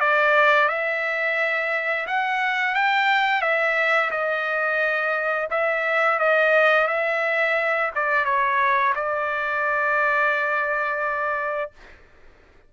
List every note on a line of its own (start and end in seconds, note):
0.00 0.69 D5
0.69 2.07 E5
2.07 2.75 F#5
2.75 3.42 G5
3.42 4.11 E5
4.11 5.49 D#5
5.51 6.19 E5
6.19 6.88 D#5
6.88 7.91 E5
7.96 8.25 D5
8.25 8.94 C#5
8.95 11.71 D5